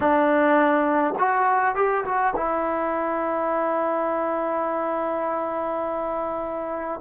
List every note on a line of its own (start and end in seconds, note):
0.00 1.14 D4
1.18 1.75 F#4
1.75 2.04 G4
2.04 2.34 F#4
2.36 7.00 E4